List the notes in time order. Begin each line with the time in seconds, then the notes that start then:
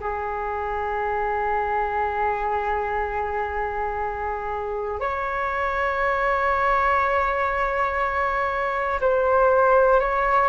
0.00 G#4
5.00 C#5
9.01 C5
10.00 C#5